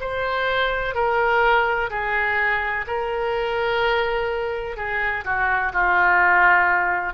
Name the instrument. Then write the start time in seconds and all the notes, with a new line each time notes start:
oboe
0.00 C5
0.94 A#4
1.90 G#4
2.87 A#4
4.76 G#4
5.24 F#4
5.73 F4